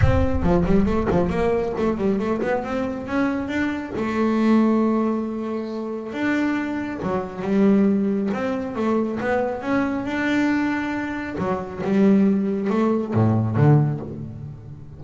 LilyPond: \new Staff \with { instrumentName = "double bass" } { \time 4/4 \tempo 4 = 137 c'4 f8 g8 a8 f8 ais4 | a8 g8 a8 b8 c'4 cis'4 | d'4 a2.~ | a2 d'2 |
fis4 g2 c'4 | a4 b4 cis'4 d'4~ | d'2 fis4 g4~ | g4 a4 a,4 d4 | }